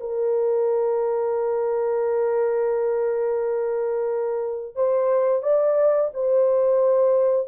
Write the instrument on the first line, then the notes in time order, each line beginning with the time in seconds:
horn
0.00 A#4
4.76 C5
5.43 D5
6.14 C5